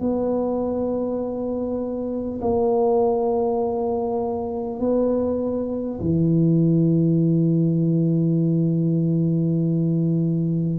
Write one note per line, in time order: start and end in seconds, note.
0.00 2.40 B3
2.41 4.79 A#3
4.79 5.99 B3
6.00 10.78 E3